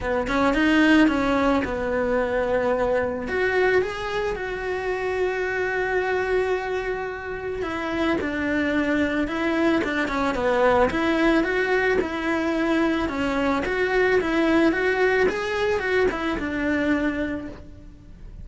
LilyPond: \new Staff \with { instrumentName = "cello" } { \time 4/4 \tempo 4 = 110 b8 cis'8 dis'4 cis'4 b4~ | b2 fis'4 gis'4 | fis'1~ | fis'2 e'4 d'4~ |
d'4 e'4 d'8 cis'8 b4 | e'4 fis'4 e'2 | cis'4 fis'4 e'4 fis'4 | gis'4 fis'8 e'8 d'2 | }